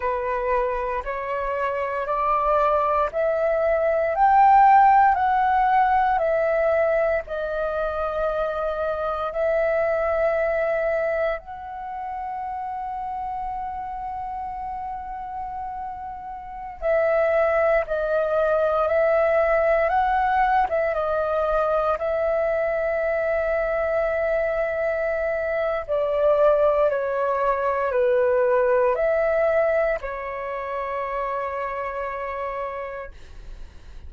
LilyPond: \new Staff \with { instrumentName = "flute" } { \time 4/4 \tempo 4 = 58 b'4 cis''4 d''4 e''4 | g''4 fis''4 e''4 dis''4~ | dis''4 e''2 fis''4~ | fis''1~ |
fis''16 e''4 dis''4 e''4 fis''8. | e''16 dis''4 e''2~ e''8.~ | e''4 d''4 cis''4 b'4 | e''4 cis''2. | }